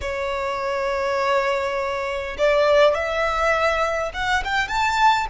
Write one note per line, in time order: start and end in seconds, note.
0.01 2.36 C#5
2.37 2.94 D5
2.94 4.12 E5
4.13 4.43 F#5
4.44 4.68 G5
4.68 5.26 A5